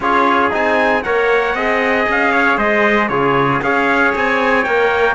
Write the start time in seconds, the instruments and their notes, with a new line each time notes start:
0.00 cello C#4, trombone F4, trumpet G#4 C#5
0.50 cello C4, trombone D#4, trumpet G#5
1.02 cello A#3, trombone A#4, trumpet C#5 F#5
1.54 cello C4, trombone G#4, trumpet D#5
2.08 cello C#4, trumpet F5
2.31 trumpet C#5
2.57 cello G#3, trumpet C5 D#5
3.08 cello C#3, trombone F4, trumpet G#4 C#5
3.61 cello C#4, trombone G#4, trumpet C#5 F5
4.15 cello C4, trumpet G#5
4.63 cello A#3, trombone A#4, trumpet G5